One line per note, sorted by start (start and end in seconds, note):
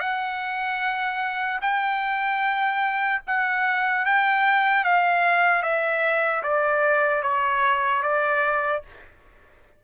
0.00 1.60 F#5
1.62 3.22 G5
3.27 4.06 F#5
4.06 4.84 G5
4.84 5.63 F5
5.63 6.43 E5
6.43 7.23 D5
7.23 8.03 C#5
8.03 8.83 D5